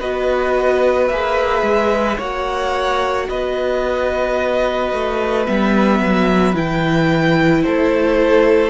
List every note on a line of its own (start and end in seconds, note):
0.00 1.10 B3
0.00 1.11 F#4
0.00 2.18 B4
0.00 1.09 D#5
1.09 1.63 A#3
1.09 2.20 G#4
1.09 2.18 E5
1.63 2.17 G#3
2.18 3.29 A#3
2.18 5.46 F#4
2.18 3.27 C#5
2.18 3.30 F#5
3.29 4.93 B3
3.29 7.65 B4
3.29 5.46 D#5
4.93 5.48 A3
5.46 6.00 G3
5.46 6.55 B3
5.46 6.55 E5
6.00 6.55 F#3
6.55 7.64 E3
6.55 8.70 E4
6.55 7.62 G5
7.62 8.70 A3
7.62 8.70 A4
7.62 8.70 C5